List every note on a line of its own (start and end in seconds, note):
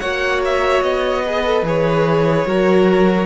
0.00 0.82 A#3
0.00 1.25 F#4
0.00 1.24 C#5
0.00 0.41 F#5
0.45 0.83 E5
0.82 1.63 B3
0.82 1.65 D#5
1.26 1.45 G#4
1.26 2.47 B4
1.45 1.65 A4
1.63 2.45 E3
1.63 2.47 G#4
1.63 3.26 C#5
2.47 3.26 F#3
2.47 3.26 F#4
2.47 3.26 A#4